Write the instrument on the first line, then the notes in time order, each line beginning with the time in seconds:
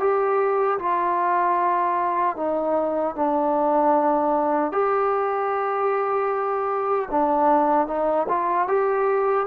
trombone
0.00 G4
0.79 F4
2.37 D#4
3.16 D4
4.72 G4
7.11 D4
7.88 D#4
8.29 F4
8.68 G4